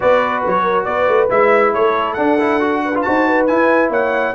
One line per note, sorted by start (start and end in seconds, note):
0.00 0.46 B3
0.00 1.29 F#4
0.00 0.62 B4
0.00 0.44 D5
0.46 0.86 F#3
0.46 0.84 C#5
0.62 0.84 A#4
0.84 1.07 B3
0.84 1.73 B4
0.84 1.28 D5
1.07 1.29 A3
1.29 1.74 G#3
1.29 2.16 E4
1.29 1.73 E5
1.73 2.17 A3
1.73 2.82 A4
1.73 2.13 C#5
2.13 2.38 D4
2.13 3.04 D4
2.13 3.00 F#5
2.39 2.60 E4
2.60 2.93 F#4
2.85 3.06 B4
2.94 3.04 F4
3.01 3.51 D#4
3.01 3.48 F#4
3.01 3.27 C5
3.01 3.45 A5
3.27 3.90 B4
3.46 4.35 E4
3.46 3.90 E4
3.46 3.90 G#5
3.90 4.33 A#3
3.90 4.34 C#5
3.90 4.35 F#5